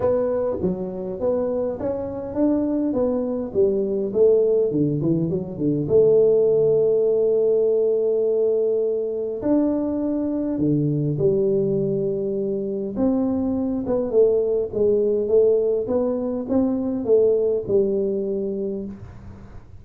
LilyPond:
\new Staff \with { instrumentName = "tuba" } { \time 4/4 \tempo 4 = 102 b4 fis4 b4 cis'4 | d'4 b4 g4 a4 | d8 e8 fis8 d8 a2~ | a1 |
d'2 d4 g4~ | g2 c'4. b8 | a4 gis4 a4 b4 | c'4 a4 g2 | }